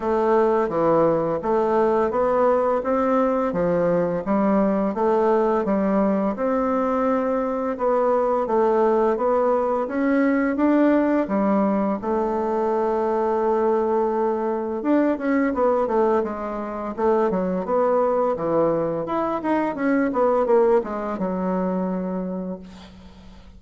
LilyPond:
\new Staff \with { instrumentName = "bassoon" } { \time 4/4 \tempo 4 = 85 a4 e4 a4 b4 | c'4 f4 g4 a4 | g4 c'2 b4 | a4 b4 cis'4 d'4 |
g4 a2.~ | a4 d'8 cis'8 b8 a8 gis4 | a8 fis8 b4 e4 e'8 dis'8 | cis'8 b8 ais8 gis8 fis2 | }